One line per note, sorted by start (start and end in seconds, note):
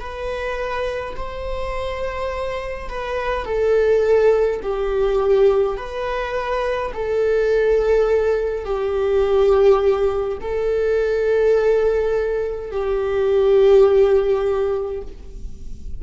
0.00 1.15 B4
1.16 2.89 C5
2.89 3.45 B4
3.45 4.60 A4
4.62 5.76 G4
5.76 6.92 B4
6.93 8.65 A4
8.65 10.38 G4
10.41 12.71 A4
12.71 15.02 G4